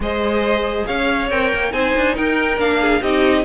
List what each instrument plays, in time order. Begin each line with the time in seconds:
0.00 cello G#3, viola G#4, violin C5 D#5
0.86 cello C#4, violin C#5 F5
1.30 cello C4, viola A#4, violin G5
1.53 cello A#3
1.71 cello C4, viola D#4, violin C5 G#5
1.95 cello D4
2.15 cello D#4, violin A#4 G5
2.57 cello A#3, viola D4, violin F5
2.80 violin G#4
3.01 cello C4, viola D#4, violin G4 D#5